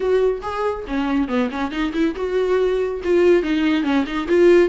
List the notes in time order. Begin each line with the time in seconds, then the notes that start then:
0.00 F#4
0.42 G#4
0.87 C#4
1.28 B3
1.50 C#4
1.71 D#4
1.93 E4
2.15 F#4
3.04 F4
3.42 D#4
3.83 C#4
4.06 D#4
4.27 F4